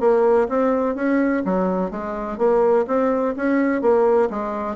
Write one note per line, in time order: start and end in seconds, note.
0.00 0.48 A#3
0.49 0.95 C4
0.95 1.43 C#4
1.45 1.91 F#3
1.91 2.38 G#3
2.38 2.86 A#3
2.87 3.35 C4
3.37 3.82 C#4
3.82 4.29 A#3
4.30 4.76 G#3